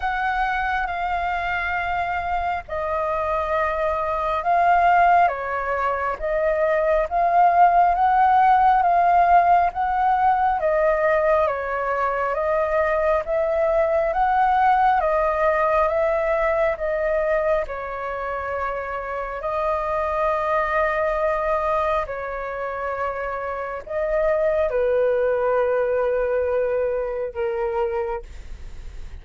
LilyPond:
\new Staff \with { instrumentName = "flute" } { \time 4/4 \tempo 4 = 68 fis''4 f''2 dis''4~ | dis''4 f''4 cis''4 dis''4 | f''4 fis''4 f''4 fis''4 | dis''4 cis''4 dis''4 e''4 |
fis''4 dis''4 e''4 dis''4 | cis''2 dis''2~ | dis''4 cis''2 dis''4 | b'2. ais'4 | }